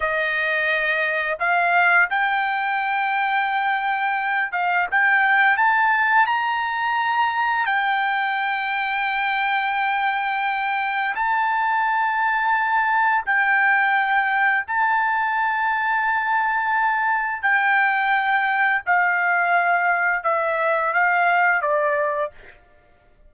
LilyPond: \new Staff \with { instrumentName = "trumpet" } { \time 4/4 \tempo 4 = 86 dis''2 f''4 g''4~ | g''2~ g''8 f''8 g''4 | a''4 ais''2 g''4~ | g''1 |
a''2. g''4~ | g''4 a''2.~ | a''4 g''2 f''4~ | f''4 e''4 f''4 d''4 | }